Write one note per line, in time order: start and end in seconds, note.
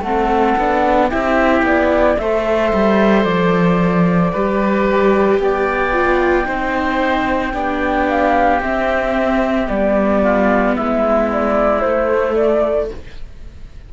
0.00 0.54 A3
0.00 0.58 C4
0.00 1.09 A4
0.00 1.09 F#5
0.58 1.11 B3
0.58 1.11 D4
1.09 1.62 C4
1.09 2.18 E4
1.09 2.16 G4
1.09 1.64 E5
1.62 2.15 B3
1.62 2.18 D5
2.18 2.72 A3
2.18 4.35 A4
2.18 4.32 C5
2.18 3.23 E5
2.73 3.24 G3
3.23 4.31 F3
3.23 5.38 D5
4.32 5.39 G3
4.32 5.93 G4
4.32 5.39 B4
5.39 6.46 B3
5.39 6.47 D5
5.39 8.07 G5
5.93 6.45 F4
6.45 7.53 C4
6.45 7.52 D#4
6.45 7.53 C5
7.53 8.60 B3
7.53 8.60 D4
7.53 10.21 G4
8.07 8.61 F5
8.60 9.67 C4
8.60 9.68 E5
9.67 10.76 G3
9.67 11.81 B3
9.67 10.75 D5
10.22 10.75 F4
10.75 11.83 G#3
10.75 12.89 E4
10.75 11.30 E5
11.31 11.80 D5
11.80 12.90 A3
11.80 12.93 A3
11.80 12.34 C5
12.34 12.88 D5